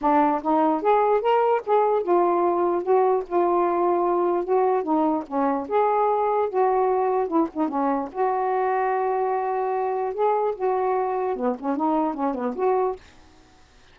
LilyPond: \new Staff \with { instrumentName = "saxophone" } { \time 4/4 \tempo 4 = 148 d'4 dis'4 gis'4 ais'4 | gis'4 f'2 fis'4 | f'2. fis'4 | dis'4 cis'4 gis'2 |
fis'2 e'8 dis'8 cis'4 | fis'1~ | fis'4 gis'4 fis'2 | b8 cis'8 dis'4 cis'8 b8 fis'4 | }